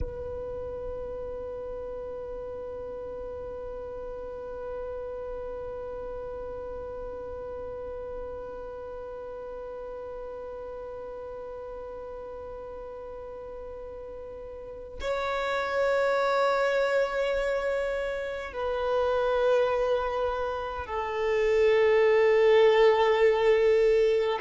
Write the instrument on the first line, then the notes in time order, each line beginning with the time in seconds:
violin
0.00 B4
15.00 C#5
18.52 B4
20.86 A4